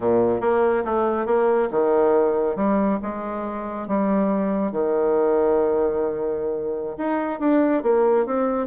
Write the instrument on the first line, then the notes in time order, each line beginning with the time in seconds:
bassoon
0.00 A#2
0.41 A#3
0.85 A3
1.25 A#3
1.70 D#3
2.55 G3
3.02 G#3
3.87 G3
4.71 D#3
6.97 D#4
7.39 D4
7.83 A#3
8.26 C4